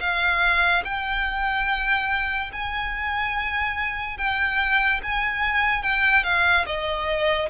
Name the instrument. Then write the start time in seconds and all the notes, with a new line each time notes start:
violin
0.00 F5
0.84 G5
2.52 G#5
4.17 G5
5.03 G#5
5.83 G5
6.23 F5
6.66 D#5